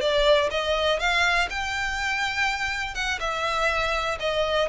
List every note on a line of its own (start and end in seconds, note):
0.00 0.49 D5
0.50 0.99 D#5
0.99 1.48 F5
1.49 2.94 G5
2.94 3.19 F#5
3.19 4.18 E5
4.19 4.68 D#5